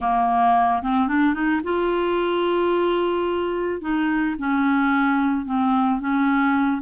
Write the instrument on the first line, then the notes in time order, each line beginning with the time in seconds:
clarinet
0.00 A#3
0.82 C4
1.08 D4
1.33 D#4
1.63 F4
3.81 D#4
4.38 C#4
5.45 C4
6.00 C#4